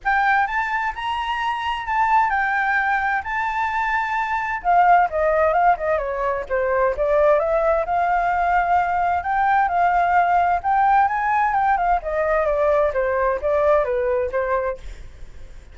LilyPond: \new Staff \with { instrumentName = "flute" } { \time 4/4 \tempo 4 = 130 g''4 a''4 ais''2 | a''4 g''2 a''4~ | a''2 f''4 dis''4 | f''8 dis''8 cis''4 c''4 d''4 |
e''4 f''2. | g''4 f''2 g''4 | gis''4 g''8 f''8 dis''4 d''4 | c''4 d''4 b'4 c''4 | }